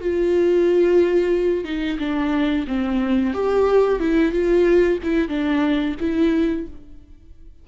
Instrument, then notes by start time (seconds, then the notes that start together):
viola
0.00 F4
1.64 D#4
1.99 D4
2.67 C4
3.34 G4
3.99 E4
4.32 F4
5.03 E4
5.28 D4
6.00 E4